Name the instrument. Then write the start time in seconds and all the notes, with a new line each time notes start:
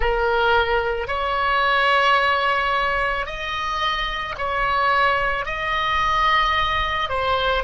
oboe
0.00 A#4
1.07 C#5
3.25 D#5
4.38 C#5
5.45 D#5
7.09 C5